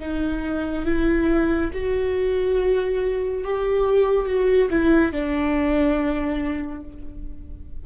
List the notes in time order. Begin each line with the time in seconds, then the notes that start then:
0.00 D#4
0.86 E4
1.74 F#4
3.44 G4
4.27 F#4
4.71 E4
5.12 D4